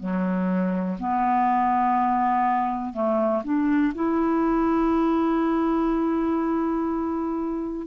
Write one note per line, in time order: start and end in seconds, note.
0.00 0.98 F#3
1.00 2.94 B3
2.94 3.43 A3
3.44 3.93 D4
3.95 7.87 E4